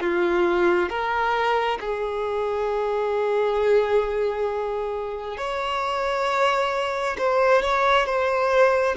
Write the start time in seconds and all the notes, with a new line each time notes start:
0.00 F4
0.89 A#4
1.80 G#4
5.37 C#5
7.18 C5
7.62 C#5
8.06 C5